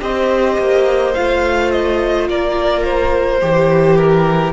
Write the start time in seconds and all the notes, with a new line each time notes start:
0.00 C4 G4 C5 D#5
0.58 A#3
1.14 A3 F4 F5
1.71 D#5
2.29 A#3 A#4 D5
2.84 C5
3.40 E3 G4
3.97 A#4